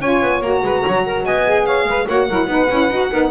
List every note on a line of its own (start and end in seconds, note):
0.00 0.22 C#4
0.00 0.43 F4
0.00 0.62 C#5
0.00 0.43 G#5
0.22 0.41 B3
0.41 0.62 A#3
0.41 1.47 F#4
0.41 1.26 A#5
0.63 0.84 G#3
0.63 0.85 B4
0.85 1.26 F#3
0.85 1.06 C#5
1.06 1.25 A#4
1.25 1.85 B3
1.25 1.66 D#5
1.25 1.66 G#5
1.47 2.09 G#4
1.66 1.86 C#5
1.66 2.08 F5
1.85 2.06 G#3
1.85 2.07 B4
2.07 2.29 A#3
2.07 2.30 F#4
2.07 2.28 C#5
2.07 3.32 F#5
2.29 2.47 F#3
2.29 2.49 E4
2.29 2.50 A#4
2.47 2.68 B3
2.47 2.69 D#4
2.47 3.11 B4
2.71 2.90 C#4
2.71 2.92 E4
2.90 3.11 D#4
2.90 3.12 F#4
3.11 3.32 B3
3.11 3.32 D#4
3.11 3.31 A#4